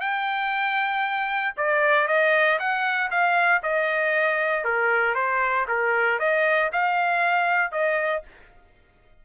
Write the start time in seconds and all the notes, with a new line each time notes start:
0.00 G5
1.56 D5
2.07 D#5
2.59 F#5
3.10 F5
3.62 D#5
4.64 A#4
5.14 C5
5.68 A#4
6.19 D#5
6.72 F5
7.71 D#5